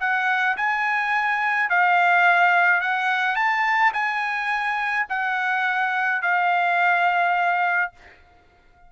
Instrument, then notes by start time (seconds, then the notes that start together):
trumpet
0.00 F#5
0.57 G#5
1.70 F5
2.81 F#5
3.36 A5
3.93 G#5
5.09 F#5
6.22 F5